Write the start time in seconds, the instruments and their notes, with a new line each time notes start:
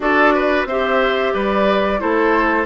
0.00 bassoon D4, clarinet F#4, oboe A4, flute D5
0.34 oboe B4
0.65 bassoon C4, clarinet G4, oboe C5, flute E5
1.33 bassoon G3, oboe B4, flute D5
1.98 bassoon A3, clarinet E4, oboe A4, flute C5